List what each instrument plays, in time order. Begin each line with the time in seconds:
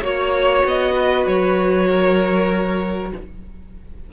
0.00 cello A#3, viola F#4, violin C#5
0.64 cello B3, violin D#5
0.95 violin B4
1.27 cello F#3, violin C#5
1.89 violin A#4